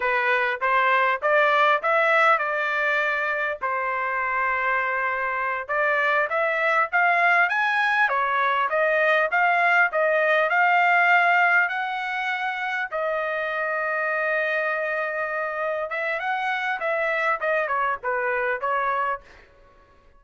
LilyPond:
\new Staff \with { instrumentName = "trumpet" } { \time 4/4 \tempo 4 = 100 b'4 c''4 d''4 e''4 | d''2 c''2~ | c''4. d''4 e''4 f''8~ | f''8 gis''4 cis''4 dis''4 f''8~ |
f''8 dis''4 f''2 fis''8~ | fis''4. dis''2~ dis''8~ | dis''2~ dis''8 e''8 fis''4 | e''4 dis''8 cis''8 b'4 cis''4 | }